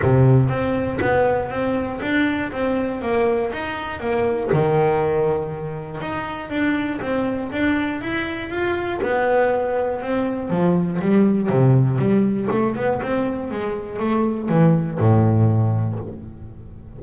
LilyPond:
\new Staff \with { instrumentName = "double bass" } { \time 4/4 \tempo 4 = 120 c4 c'4 b4 c'4 | d'4 c'4 ais4 dis'4 | ais4 dis2. | dis'4 d'4 c'4 d'4 |
e'4 f'4 b2 | c'4 f4 g4 c4 | g4 a8 b8 c'4 gis4 | a4 e4 a,2 | }